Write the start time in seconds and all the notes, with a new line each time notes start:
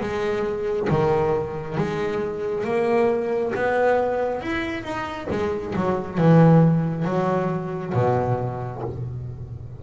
0.00 G#3
0.89 D#3
1.77 G#3
2.64 A#3
3.55 B3
4.41 E4
4.83 D#4
5.30 G#3
5.76 F#3
6.18 E3
7.05 F#3
7.94 B2